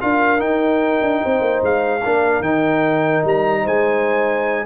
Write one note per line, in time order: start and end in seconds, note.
0.00 0.39 D4
0.00 0.38 F4
0.00 1.23 A#4
0.00 0.40 F5
0.38 2.00 D#4
0.38 1.00 D#4
0.38 1.62 G5
1.01 1.21 D4
1.23 1.40 C4
1.23 2.02 C5
1.40 1.60 A#3
1.62 2.03 G#3
1.62 2.42 F5
2.02 2.40 A#3
2.02 2.43 D4
2.02 3.61 A#4
2.40 3.21 D#3
2.40 4.66 D#4
2.40 3.23 G5
3.24 3.65 G3
3.24 3.67 A#5
3.61 4.66 G#3
3.61 4.63 C5
3.61 4.66 G#5